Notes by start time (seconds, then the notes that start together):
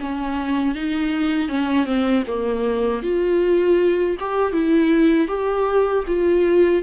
0.00 C#4
0.75 D#4
1.49 C#4
1.86 C4
2.27 A#3
3.03 F4
4.20 G4
4.53 E4
5.28 G4
6.07 F4